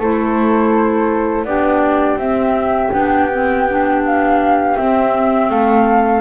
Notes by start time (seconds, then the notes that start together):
0.00 A3 E4 A4 C5
1.45 B3 D4 G4 D5
2.17 C4 E5
2.94 B3 D4 G5
3.32 C4
3.69 D4
4.06 F5
4.77 C4 E5
5.50 A3 A4 F5